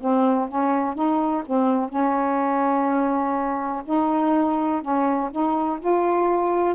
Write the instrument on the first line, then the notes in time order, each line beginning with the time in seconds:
saxophone
0.00 C4
0.49 C#4
0.95 D#4
1.46 C4
1.89 C#4
3.85 D#4
4.82 C#4
5.31 D#4
5.80 F4